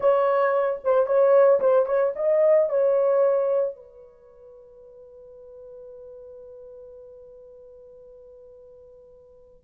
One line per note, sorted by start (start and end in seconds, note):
0.00 0.79 C#5
0.84 1.06 C5
1.06 1.59 C#5
1.60 1.86 C5
1.86 2.12 C#5
2.15 2.69 D#5
2.69 3.75 C#5
3.75 9.64 B4